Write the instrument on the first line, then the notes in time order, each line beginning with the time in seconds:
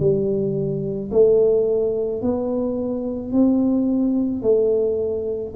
tuba
0.00 G3
1.12 A3
2.22 B3
3.33 C4
4.42 A3